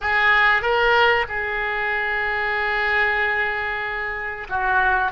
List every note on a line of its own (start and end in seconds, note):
0.01 0.62 G#4
0.62 1.25 A#4
1.28 4.47 G#4
4.49 5.11 F#4